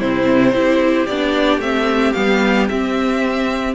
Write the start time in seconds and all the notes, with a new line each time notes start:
0.00 C3 C4 E4 C5
0.53 C4 E4 G4
1.07 B3 D4 D5
1.59 A3 C4 E5
2.13 G3 B3 F5
2.69 C4 E5